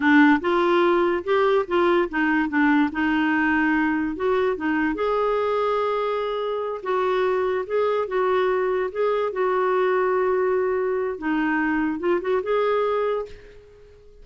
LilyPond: \new Staff \with { instrumentName = "clarinet" } { \time 4/4 \tempo 4 = 145 d'4 f'2 g'4 | f'4 dis'4 d'4 dis'4~ | dis'2 fis'4 dis'4 | gis'1~ |
gis'8 fis'2 gis'4 fis'8~ | fis'4. gis'4 fis'4.~ | fis'2. dis'4~ | dis'4 f'8 fis'8 gis'2 | }